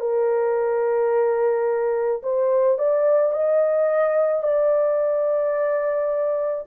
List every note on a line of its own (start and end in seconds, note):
0.00 2.22 A#4
2.23 2.78 C5
2.78 3.32 D5
3.32 4.42 D#5
4.42 6.65 D5